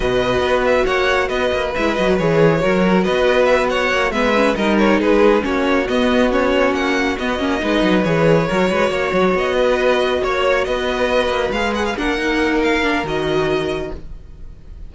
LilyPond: <<
  \new Staff \with { instrumentName = "violin" } { \time 4/4 \tempo 4 = 138 dis''4. e''8 fis''4 dis''4 | e''8 dis''8 cis''2 dis''4 | e''8 fis''4 e''4 dis''8 cis''8 b'8~ | b'8 cis''4 dis''4 cis''4 fis''8~ |
fis''8 dis''2 cis''4.~ | cis''4. dis''2 cis''8~ | cis''8 dis''2 f''8 fis''16 f''16 fis''8~ | fis''4 f''4 dis''2 | }
  \new Staff \with { instrumentName = "violin" } { \time 4/4 b'2 cis''4 b'4~ | b'2 ais'4 b'4~ | b'8 cis''4 b'4 ais'4 gis'8~ | gis'8 fis'2.~ fis'8~ |
fis'4. b'2 ais'8 | b'8 cis''4. b'4. cis''8~ | cis''8 b'2. ais'8~ | ais'1 | }
  \new Staff \with { instrumentName = "viola" } { \time 4/4 fis'1 | e'8 fis'8 gis'4 fis'2~ | fis'4. b8 cis'8 dis'4.~ | dis'8 cis'4 b4 cis'4.~ |
cis'8 b8 cis'8 dis'4 gis'4 fis'8~ | fis'1~ | fis'2~ fis'8 gis'4 d'8 | dis'4. d'8 fis'2 | }
  \new Staff \with { instrumentName = "cello" } { \time 4/4 b,4 b4 ais4 b8 ais8 | gis8 fis8 e4 fis4 b4~ | b4 ais8 gis4 g4 gis8~ | gis8 ais4 b2 ais8~ |
ais8 b8 ais8 gis8 fis8 e4 fis8 | gis8 ais8 fis8 b2 ais8~ | ais8 b4. ais8 gis4 ais8~ | ais2 dis2 | }
>>